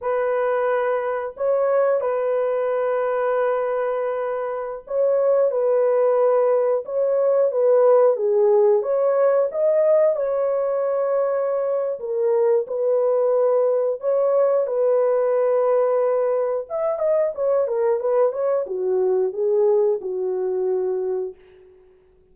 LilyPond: \new Staff \with { instrumentName = "horn" } { \time 4/4 \tempo 4 = 90 b'2 cis''4 b'4~ | b'2.~ b'16 cis''8.~ | cis''16 b'2 cis''4 b'8.~ | b'16 gis'4 cis''4 dis''4 cis''8.~ |
cis''2 ais'4 b'4~ | b'4 cis''4 b'2~ | b'4 e''8 dis''8 cis''8 ais'8 b'8 cis''8 | fis'4 gis'4 fis'2 | }